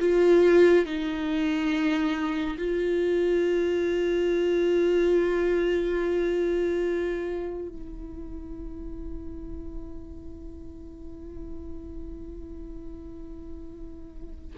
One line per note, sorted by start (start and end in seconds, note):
0.00 0.86 F4
0.86 2.57 D#4
2.58 7.68 F4
7.68 14.54 E4